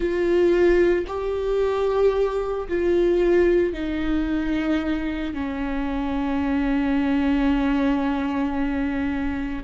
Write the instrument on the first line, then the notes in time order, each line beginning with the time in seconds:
viola
0.00 F4
1.07 G4
2.68 F4
3.73 D#4
5.34 C#4